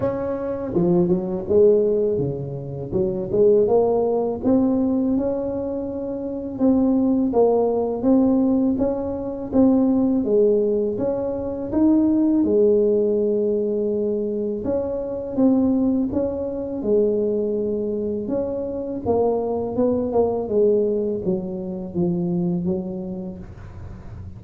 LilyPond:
\new Staff \with { instrumentName = "tuba" } { \time 4/4 \tempo 4 = 82 cis'4 f8 fis8 gis4 cis4 | fis8 gis8 ais4 c'4 cis'4~ | cis'4 c'4 ais4 c'4 | cis'4 c'4 gis4 cis'4 |
dis'4 gis2. | cis'4 c'4 cis'4 gis4~ | gis4 cis'4 ais4 b8 ais8 | gis4 fis4 f4 fis4 | }